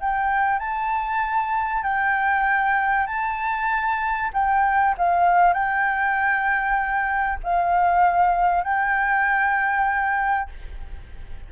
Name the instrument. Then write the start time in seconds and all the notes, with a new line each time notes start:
flute
0.00 G5
0.59 A5
1.83 G5
3.07 A5
4.33 G5
4.98 F5
5.53 G5
7.43 F5
8.64 G5